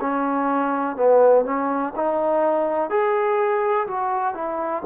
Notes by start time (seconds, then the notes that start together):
0.00 C#4
0.96 B3
1.45 C#4
1.96 D#4
2.90 G#4
3.87 F#4
4.34 E4